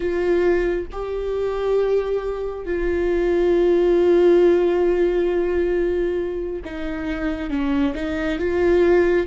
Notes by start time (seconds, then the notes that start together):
0.00 F4
0.92 G4
2.65 F4
6.65 D#4
7.50 C#4
7.95 D#4
8.38 F4